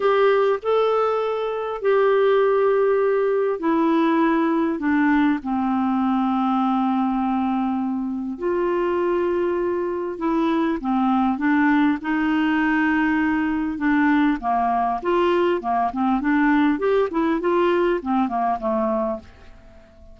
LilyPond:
\new Staff \with { instrumentName = "clarinet" } { \time 4/4 \tempo 4 = 100 g'4 a'2 g'4~ | g'2 e'2 | d'4 c'2.~ | c'2 f'2~ |
f'4 e'4 c'4 d'4 | dis'2. d'4 | ais4 f'4 ais8 c'8 d'4 | g'8 e'8 f'4 c'8 ais8 a4 | }